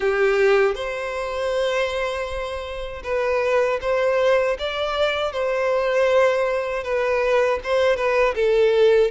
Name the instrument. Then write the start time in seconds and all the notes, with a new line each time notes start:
violin
0.00 G4
0.74 C5
3.03 B4
3.81 C5
4.58 D5
5.32 C5
6.83 B4
7.63 C5
7.96 B4
8.34 A4